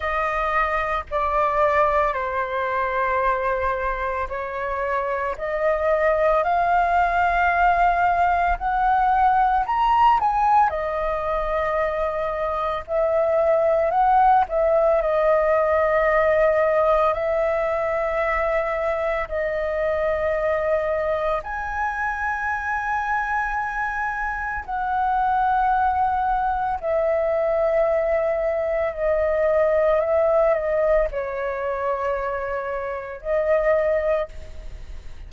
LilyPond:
\new Staff \with { instrumentName = "flute" } { \time 4/4 \tempo 4 = 56 dis''4 d''4 c''2 | cis''4 dis''4 f''2 | fis''4 ais''8 gis''8 dis''2 | e''4 fis''8 e''8 dis''2 |
e''2 dis''2 | gis''2. fis''4~ | fis''4 e''2 dis''4 | e''8 dis''8 cis''2 dis''4 | }